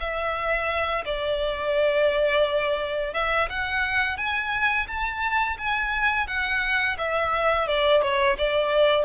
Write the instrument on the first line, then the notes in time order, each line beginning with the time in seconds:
violin
0.00 E5
1.06 D5
3.14 E5
3.49 F#5
4.17 G#5
4.88 A5
5.58 G#5
6.27 F#5
6.98 E5
7.67 D5
8.02 C#5
8.38 D5